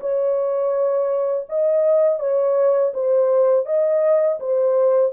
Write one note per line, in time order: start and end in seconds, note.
0.00 1.46 C#5
1.49 2.19 D#5
2.19 2.92 C#5
2.94 3.65 C5
3.65 4.38 D#5
4.39 5.12 C5